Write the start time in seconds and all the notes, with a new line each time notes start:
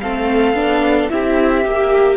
0.00 A3 C4 A4 F5
0.54 B3 D4
1.09 C4 E4 G4 E5
1.65 A#3 G4